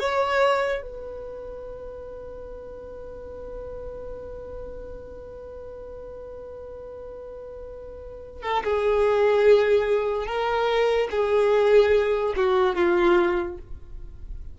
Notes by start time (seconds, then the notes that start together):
0.00 C#5
0.83 B4
8.43 A4
8.65 G#4
10.27 A#4
11.11 G#4
12.37 F#4
12.76 F4